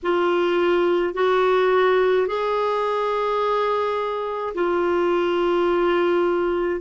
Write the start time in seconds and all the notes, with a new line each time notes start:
0.03 F4
1.13 F#4
2.26 G#4
4.54 F4